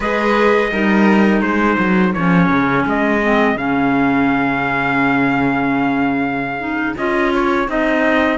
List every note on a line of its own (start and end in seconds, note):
0.00 0.71 G#3
0.00 0.72 G#4
0.00 0.70 B4
0.00 1.41 D#5
0.71 1.41 G3
0.71 2.15 D#4
0.71 1.42 A#4
1.41 1.77 G#3
1.41 8.38 G#4
1.41 2.12 C5
1.78 2.14 F#3
2.13 2.49 F3
2.13 3.22 C#4
2.13 2.85 C#5
2.49 2.85 C#3
2.86 3.55 G#3
2.86 3.57 D#5
3.22 3.56 C4
3.55 6.94 C#3
3.55 6.59 C#4
3.55 6.96 F5
6.59 6.95 D#4
6.97 7.68 C#4
6.97 7.67 F4
6.97 7.33 D#5
7.34 7.69 C#5
7.67 8.38 C4
7.67 8.38 D#4
7.67 8.38 D#5